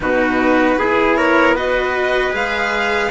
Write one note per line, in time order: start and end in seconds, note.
0.00 0.77 B2
0.00 0.78 D#4
0.00 0.78 F#4
0.00 1.16 B4
0.77 2.33 B3
0.77 1.55 E4
0.77 1.17 G#4
1.16 1.55 A#4
1.16 1.55 C#5
1.55 2.31 F#4
1.55 3.10 B4
1.55 2.34 D#5
2.31 3.10 G#3
2.31 3.08 G#4
2.31 3.10 F5